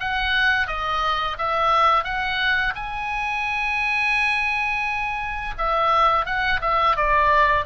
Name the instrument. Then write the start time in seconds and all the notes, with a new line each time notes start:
oboe
0.00 F#5
0.67 D#5
1.38 E5
2.04 F#5
2.75 G#5
5.58 E5
6.25 F#5
6.61 E5
6.96 D5